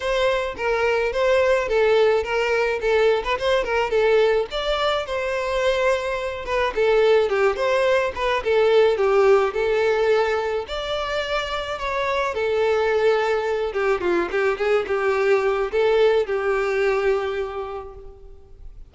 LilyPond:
\new Staff \with { instrumentName = "violin" } { \time 4/4 \tempo 4 = 107 c''4 ais'4 c''4 a'4 | ais'4 a'8. b'16 c''8 ais'8 a'4 | d''4 c''2~ c''8 b'8 | a'4 g'8 c''4 b'8 a'4 |
g'4 a'2 d''4~ | d''4 cis''4 a'2~ | a'8 g'8 f'8 g'8 gis'8 g'4. | a'4 g'2. | }